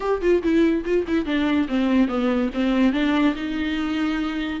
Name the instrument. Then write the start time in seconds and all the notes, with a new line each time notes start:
viola
0.00 G4
0.21 F4
0.42 E4
0.84 F4
1.07 E4
1.25 D4
1.68 C4
2.08 B3
2.53 C4
2.92 D4
3.35 D#4